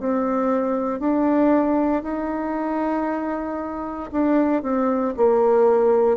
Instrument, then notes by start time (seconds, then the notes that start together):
bassoon
0.00 C4
1.00 D4
2.04 D#4
4.12 D4
4.63 C4
5.17 A#3